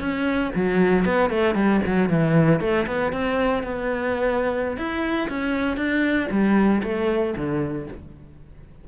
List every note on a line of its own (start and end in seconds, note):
0.00 0.51 C#4
0.55 1.05 F#3
1.05 1.30 B3
1.30 1.55 A3
1.55 1.80 G3
1.86 2.09 F#3
2.09 2.60 E3
2.60 2.86 A3
2.86 3.12 B3
3.12 3.63 C4
3.63 4.77 B3
4.77 5.28 E4
5.29 5.76 C#4
5.76 6.28 D4
6.31 6.82 G3
6.83 7.34 A3
7.36 7.88 D3